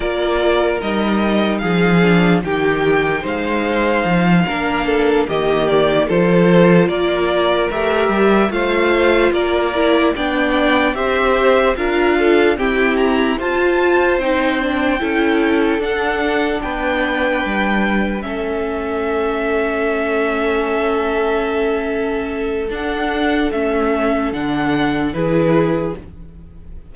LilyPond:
<<
  \new Staff \with { instrumentName = "violin" } { \time 4/4 \tempo 4 = 74 d''4 dis''4 f''4 g''4 | f''2~ f''8 dis''8 d''8 c''8~ | c''8 d''4 e''4 f''4 d''8~ | d''8 g''4 e''4 f''4 g''8 |
ais''8 a''4 g''2 fis''8~ | fis''8 g''2 e''4.~ | e''1 | fis''4 e''4 fis''4 b'4 | }
  \new Staff \with { instrumentName = "violin" } { \time 4/4 ais'2 gis'4 g'4 | c''4. ais'8 a'8 g'4 a'8~ | a'8 ais'2 c''4 ais'8~ | ais'8 d''4 c''4 ais'8 a'8 g'8~ |
g'8 c''2 a'4.~ | a'8 b'2 a'4.~ | a'1~ | a'2. gis'4 | }
  \new Staff \with { instrumentName = "viola" } { \time 4/4 f'4 dis'4. d'8 dis'4~ | dis'4. d'4 ais4 f'8~ | f'4. g'4 f'4. | e'8 d'4 g'4 f'4 c'8~ |
c'8 f'4 dis'8 d'8 e'4 d'8~ | d'2~ d'8 cis'4.~ | cis'1 | d'4 cis'4 d'4 e'4 | }
  \new Staff \with { instrumentName = "cello" } { \time 4/4 ais4 g4 f4 dis4 | gis4 f8 ais4 dis4 f8~ | f8 ais4 a8 g8 a4 ais8~ | ais8 b4 c'4 d'4 e'8~ |
e'8 f'4 c'4 cis'4 d'8~ | d'8 b4 g4 a4.~ | a1 | d'4 a4 d4 e4 | }
>>